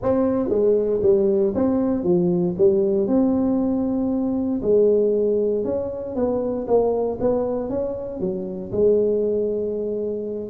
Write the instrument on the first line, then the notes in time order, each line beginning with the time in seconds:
tuba
0.02 C4
0.49 G#3
1.02 G3
1.55 C4
2.03 F3
2.57 G3
3.07 C4
4.62 G#3
5.64 C#4
6.15 B3
6.67 A#3
7.20 B3
7.69 C#4
8.20 F#3
8.72 G#3